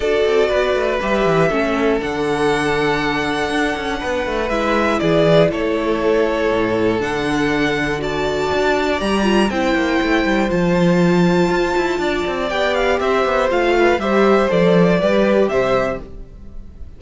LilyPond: <<
  \new Staff \with { instrumentName = "violin" } { \time 4/4 \tempo 4 = 120 d''2 e''2 | fis''1~ | fis''4 e''4 d''4 cis''4~ | cis''2 fis''2 |
a''2 ais''4 g''4~ | g''4 a''2.~ | a''4 g''8 f''8 e''4 f''4 | e''4 d''2 e''4 | }
  \new Staff \with { instrumentName = "violin" } { \time 4/4 a'4 b'2 a'4~ | a'1 | b'2 gis'4 a'4~ | a'1 |
d''2. c''4~ | c''1 | d''2 c''4. b'8 | c''2 b'4 c''4 | }
  \new Staff \with { instrumentName = "viola" } { \time 4/4 fis'2 g'4 cis'4 | d'1~ | d'4 e'2.~ | e'2 d'2 |
fis'2 g'8 f'8 e'4~ | e'4 f'2.~ | f'4 g'2 f'4 | g'4 a'4 g'2 | }
  \new Staff \with { instrumentName = "cello" } { \time 4/4 d'8 c'8 b8 a8 g8 e8 a4 | d2. d'8 cis'8 | b8 a8 gis4 e4 a4~ | a4 a,4 d2~ |
d4 d'4 g4 c'8 ais8 | a8 g8 f2 f'8 e'8 | d'8 c'8 b4 c'8 b8 a4 | g4 f4 g4 c4 | }
>>